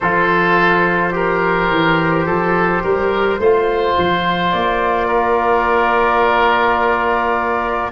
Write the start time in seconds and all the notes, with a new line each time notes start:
0.00 F3 F4 A4 C5
1.11 G4 A#4
1.69 E3
2.25 F3 A4
2.83 G3 A#4
3.38 A3 F4 C5
3.97 F3
4.51 A#3 D5
5.07 A#4